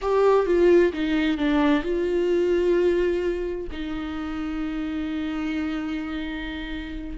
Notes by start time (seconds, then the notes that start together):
0.01 G4
0.46 F4
0.93 D#4
1.37 D4
1.83 F4
3.71 D#4